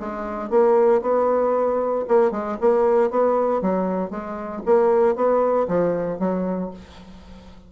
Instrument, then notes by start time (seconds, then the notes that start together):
bassoon
0.00 G#3
0.50 A#3
1.02 B3
2.08 A#3
2.31 G#3
2.61 A#3
3.11 B3
3.62 F#3
4.11 G#3
4.65 A#3
5.15 B3
5.68 F3
6.19 F#3